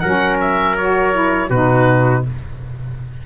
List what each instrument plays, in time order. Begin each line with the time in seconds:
0.00 tuba F#3, saxophone C#4, trumpet A#4, oboe F#5
0.41 oboe E5
0.77 saxophone F#4, oboe C#5
1.12 saxophone E4
1.50 tuba B2, saxophone D#4, trumpet F#4, oboe B4